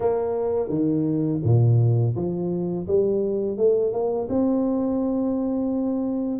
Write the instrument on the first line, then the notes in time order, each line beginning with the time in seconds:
tuba
0.00 A#3
0.69 D#3
1.43 A#2
2.15 F3
2.87 G3
3.57 A3
3.92 A#3
4.29 C4